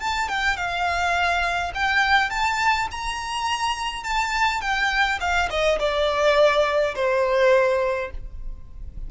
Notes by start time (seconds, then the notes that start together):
0.00 A5
0.28 G5
0.57 F5
1.74 G5
2.30 A5
2.91 A#5
4.04 A5
4.61 G5
5.20 F5
5.50 D#5
5.80 D5
6.95 C5